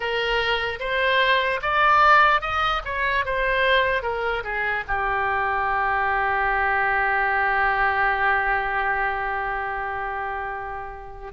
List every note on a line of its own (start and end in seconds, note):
0.00 0.79 A#4
0.79 1.60 C5
1.62 2.41 D5
2.41 2.82 D#5
2.84 3.25 C#5
3.25 4.02 C5
4.02 4.43 A#4
4.43 4.84 G#4
4.87 11.32 G4